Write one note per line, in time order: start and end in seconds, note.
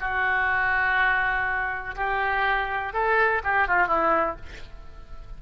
0.00 1.95 F#4
1.95 2.93 G4
2.93 3.42 A4
3.43 3.67 G4
3.67 3.87 F4
3.87 4.36 E4